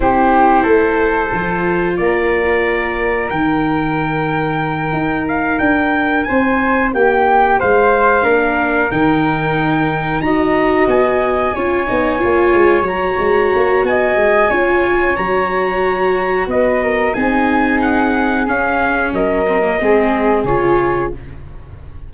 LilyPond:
<<
  \new Staff \with { instrumentName = "trumpet" } { \time 4/4 \tempo 4 = 91 c''2. d''4~ | d''4 g''2. | f''8 g''4 gis''4 g''4 f''8~ | f''4. g''2 ais''8~ |
ais''8 gis''2. ais''8~ | ais''4 gis''2 ais''4~ | ais''4 dis''4 gis''4 fis''4 | f''4 dis''2 cis''4 | }
  \new Staff \with { instrumentName = "flute" } { \time 4/4 g'4 a'2 ais'4~ | ais'1~ | ais'4. c''4 g'4 c''8~ | c''8 ais'2. dis''8~ |
dis''4. cis''2~ cis''8~ | cis''4 dis''4 cis''2~ | cis''4 b'8 ais'8 gis'2~ | gis'4 ais'4 gis'2 | }
  \new Staff \with { instrumentName = "viola" } { \time 4/4 e'2 f'2~ | f'4 dis'2.~ | dis'1~ | dis'8 d'4 dis'2 fis'8~ |
fis'4. f'8 dis'8 f'4 fis'8~ | fis'2 f'4 fis'4~ | fis'2 dis'2 | cis'4. c'16 ais16 c'4 f'4 | }
  \new Staff \with { instrumentName = "tuba" } { \time 4/4 c'4 a4 f4 ais4~ | ais4 dis2~ dis8 dis'8~ | dis'8 d'4 c'4 ais4 gis8~ | gis8 ais4 dis2 dis'8~ |
dis'8 b4 cis'8 b8 ais8 gis8 fis8 | gis8 ais8 b8 gis8 cis'4 fis4~ | fis4 b4 c'2 | cis'4 fis4 gis4 cis4 | }
>>